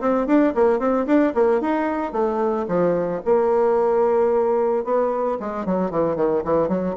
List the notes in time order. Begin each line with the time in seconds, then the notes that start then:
0.00 C4
0.27 D4
0.55 A#3
0.79 C4
1.06 D4
1.34 A#3
1.61 D#4
2.12 A3
2.68 F3
3.25 A#3
4.84 B3
5.40 G#3
5.65 F#3
5.91 E3
6.16 D#3
6.44 E3
6.68 F#3